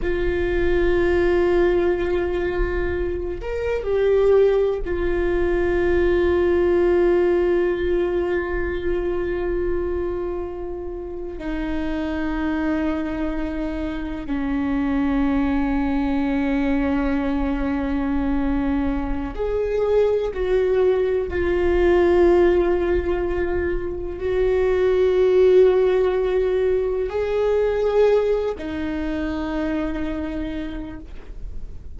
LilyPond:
\new Staff \with { instrumentName = "viola" } { \time 4/4 \tempo 4 = 62 f'2.~ f'8 ais'8 | g'4 f'2.~ | f'2.~ f'8. dis'16~ | dis'2~ dis'8. cis'4~ cis'16~ |
cis'1 | gis'4 fis'4 f'2~ | f'4 fis'2. | gis'4. dis'2~ dis'8 | }